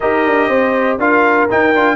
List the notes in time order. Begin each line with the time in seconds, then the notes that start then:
0.00 D#4 G4 A#4 D#5
0.26 D4
0.48 C4 C5
0.98 D4 F4 A#4 F5
1.49 D#4 G5
1.75 D4 F4